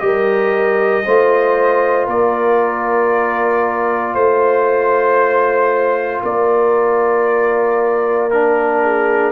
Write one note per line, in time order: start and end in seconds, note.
0.00 1.05 G3
0.00 1.04 G4
0.00 1.05 A#4
0.00 2.07 D#5
1.05 2.08 A3
1.05 8.31 F4
1.05 2.06 C5
2.06 4.15 A#3
2.06 4.13 A#4
2.06 4.15 D5
4.14 6.22 A3
4.14 6.21 C5
4.14 6.22 C5
6.22 9.32 A#3
6.22 8.81 A#4
6.22 8.31 D5
8.31 9.32 D4
8.31 9.32 A#4
8.83 9.32 G#4